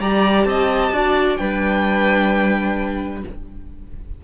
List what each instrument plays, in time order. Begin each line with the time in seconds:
0.00 cello G3, viola G4, violin D5 A#5
0.45 cello C4, violin D#5 A5
0.92 cello D4, viola F#4, violin D5
1.36 cello G3, viola D4, violin B4 G5